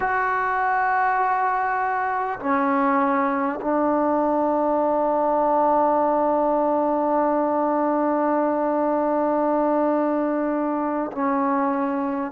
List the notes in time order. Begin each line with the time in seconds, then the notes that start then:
0.00 F#4
2.39 C#4
3.61 D4
11.12 C#4